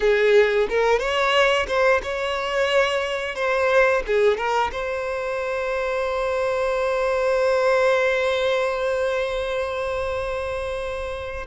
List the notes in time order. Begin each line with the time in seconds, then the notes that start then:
0.00 G#4
0.69 A#4
0.99 C#5
1.67 C5
2.02 C#5
3.35 C5
4.06 G#4
4.37 A#4
4.72 C5